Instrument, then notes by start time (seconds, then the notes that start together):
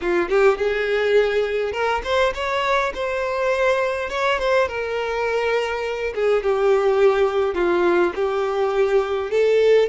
violin
0.01 F4
0.29 G4
0.57 G#4
1.72 A#4
2.04 C5
2.34 C#5
2.94 C5
4.09 C#5
4.38 C5
4.68 A#4
6.15 G#4
6.43 G4
7.54 F4
8.15 G4
9.30 A4